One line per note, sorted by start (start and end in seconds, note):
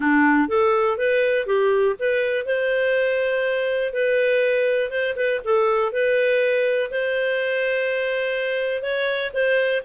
0.00 0.48 D4
0.48 0.97 A4
0.97 1.46 B4
1.46 1.95 G4
1.99 2.45 B4
2.45 3.93 C5
3.93 4.90 B4
4.90 5.15 C5
5.16 5.40 B4
5.44 5.92 A4
5.92 6.90 B4
6.90 8.82 C5
8.82 9.31 C#5
9.33 9.82 C5